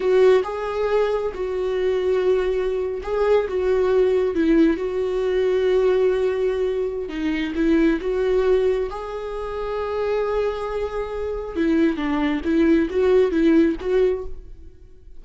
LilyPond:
\new Staff \with { instrumentName = "viola" } { \time 4/4 \tempo 4 = 135 fis'4 gis'2 fis'4~ | fis'2~ fis'8. gis'4 fis'16~ | fis'4.~ fis'16 e'4 fis'4~ fis'16~ | fis'1 |
dis'4 e'4 fis'2 | gis'1~ | gis'2 e'4 d'4 | e'4 fis'4 e'4 fis'4 | }